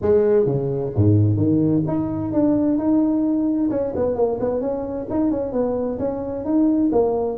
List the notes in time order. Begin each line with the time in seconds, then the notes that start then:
0.01 G#3
0.45 C#3
0.95 G#2
1.36 D#3
1.87 D#4
2.32 D4
2.77 D#4
3.70 C#4
3.95 B3
4.15 A#3
4.40 B3
4.60 C#4
5.09 D#4
5.31 C#4
5.52 B3
5.99 C#4
6.44 D#4
6.91 A#3